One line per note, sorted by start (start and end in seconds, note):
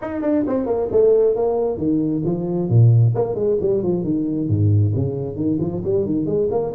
0.01 0.21 D#4
0.21 0.44 D4
0.47 0.66 C4
0.66 0.88 A#3
0.91 1.35 A3
1.35 1.77 A#3
1.77 2.22 D#3
2.24 2.69 F3
2.69 3.13 A#2
3.14 3.35 A#3
3.35 3.57 G#3
3.60 3.82 G3
3.82 4.04 F3
4.04 4.48 D#3
4.48 4.93 G#2
4.95 5.35 C#3
5.35 5.58 D#3
5.59 5.82 F3
5.84 6.05 G3
6.05 6.26 D#3
6.26 6.48 G#3
6.50 6.73 A#3